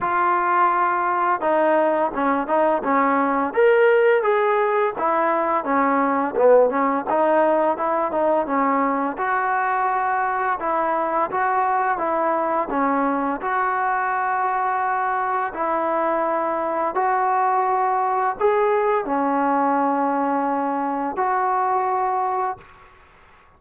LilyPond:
\new Staff \with { instrumentName = "trombone" } { \time 4/4 \tempo 4 = 85 f'2 dis'4 cis'8 dis'8 | cis'4 ais'4 gis'4 e'4 | cis'4 b8 cis'8 dis'4 e'8 dis'8 | cis'4 fis'2 e'4 |
fis'4 e'4 cis'4 fis'4~ | fis'2 e'2 | fis'2 gis'4 cis'4~ | cis'2 fis'2 | }